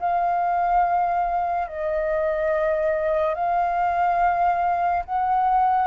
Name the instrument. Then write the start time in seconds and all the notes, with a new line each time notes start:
flute
0.00 F5
1.68 D#5
3.35 F5
5.06 F#5